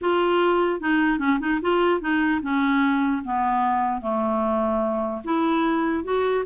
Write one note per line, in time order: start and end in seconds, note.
0.01 0.80 F4
0.80 1.18 D#4
1.18 1.38 C#4
1.39 1.60 D#4
1.61 2.00 F4
2.00 2.41 D#4
2.42 3.22 C#4
3.24 4.01 B3
4.01 5.21 A3
5.24 6.04 E4
6.04 6.44 F#4